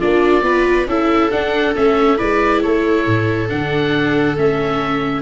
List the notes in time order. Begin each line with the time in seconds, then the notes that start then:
0.00 A#3 D4 F4 D5
0.42 B3 F4 B4
0.87 C#4 E4 A4 E5
1.31 D4 F#5
1.76 A3 C#4 E5
2.18 G#3 E4 B4 D5
2.62 A3 A4 C#5
3.07 A2
3.49 D3 D4 F#5
4.36 A3 C#4 E5